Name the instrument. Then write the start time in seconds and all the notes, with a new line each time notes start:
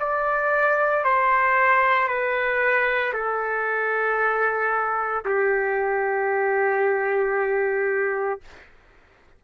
trumpet
0.00 D5
1.04 C5
2.08 B4
3.14 A4
5.25 G4